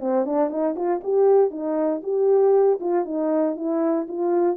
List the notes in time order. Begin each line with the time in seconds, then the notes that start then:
0.00 C4
0.25 D4
0.49 D#4
0.76 F4
1.03 G4
1.50 D#4
2.03 G4
2.80 F4
3.05 D#4
3.56 E4
4.08 F4